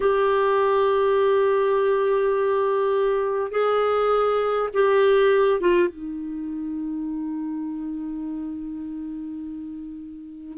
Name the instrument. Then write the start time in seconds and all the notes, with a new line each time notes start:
clarinet
0.00 G4
3.51 G#4
4.73 G4
5.60 F4
5.88 D#4